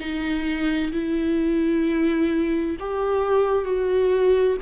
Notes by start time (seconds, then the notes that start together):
0.00 D#4
0.93 E4
2.80 G4
3.65 F#4